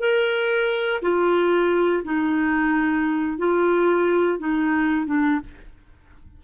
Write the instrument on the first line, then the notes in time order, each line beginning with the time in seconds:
clarinet
0.00 A#4
1.02 F4
2.04 D#4
3.39 F4
4.39 D#4
5.07 D4